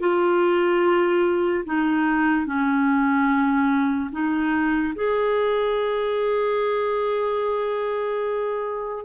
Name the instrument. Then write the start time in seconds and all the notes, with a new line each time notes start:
clarinet
0.00 F4
1.65 D#4
2.46 C#4
4.12 D#4
4.95 G#4